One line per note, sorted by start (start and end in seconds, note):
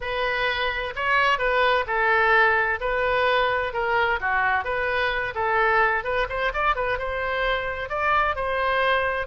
0.01 0.94 B4
0.95 1.38 C#5
1.38 1.85 B4
1.86 2.79 A4
2.80 3.73 B4
3.73 4.19 A#4
4.20 4.64 F#4
4.64 5.34 B4
5.34 6.04 A4
6.04 6.27 B4
6.29 6.52 C5
6.53 6.75 D5
6.75 6.98 B4
6.98 7.89 C5
7.89 8.35 D5
8.35 9.27 C5